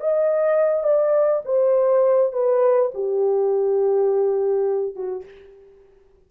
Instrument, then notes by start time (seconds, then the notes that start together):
horn
0.00 D#5
0.83 D5
1.45 C5
2.32 B4
2.94 G4
4.95 F#4